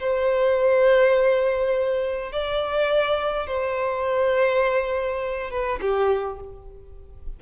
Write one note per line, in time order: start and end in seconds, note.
0.00 2.32 C5
2.32 3.47 D5
3.47 5.50 C5
5.50 5.80 B4
5.81 6.40 G4